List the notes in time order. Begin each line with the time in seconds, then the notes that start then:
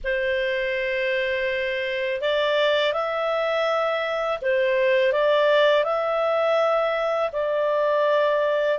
0.04 C5
2.21 D5
2.92 E5
4.41 C5
5.12 D5
5.84 E5
7.32 D5